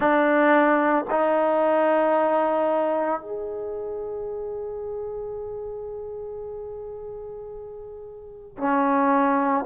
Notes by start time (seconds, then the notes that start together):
0.00 D4
1.10 D#4
3.20 G#4
8.57 C#4